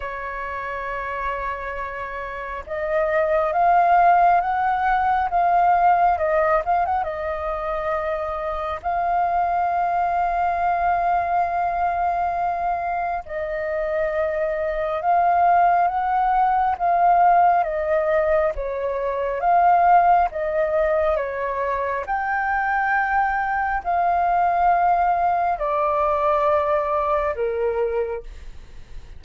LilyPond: \new Staff \with { instrumentName = "flute" } { \time 4/4 \tempo 4 = 68 cis''2. dis''4 | f''4 fis''4 f''4 dis''8 f''16 fis''16 | dis''2 f''2~ | f''2. dis''4~ |
dis''4 f''4 fis''4 f''4 | dis''4 cis''4 f''4 dis''4 | cis''4 g''2 f''4~ | f''4 d''2 ais'4 | }